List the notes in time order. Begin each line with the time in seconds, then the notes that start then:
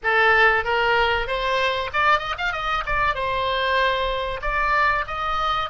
0.03 A4
0.64 A#4
1.27 C5
1.93 D5
2.18 D#5
2.37 F5
2.52 D#5
2.86 D5
3.14 C5
4.41 D5
5.07 D#5